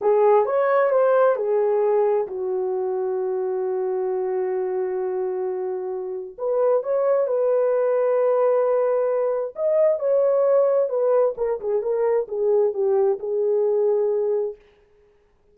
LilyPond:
\new Staff \with { instrumentName = "horn" } { \time 4/4 \tempo 4 = 132 gis'4 cis''4 c''4 gis'4~ | gis'4 fis'2.~ | fis'1~ | fis'2 b'4 cis''4 |
b'1~ | b'4 dis''4 cis''2 | b'4 ais'8 gis'8 ais'4 gis'4 | g'4 gis'2. | }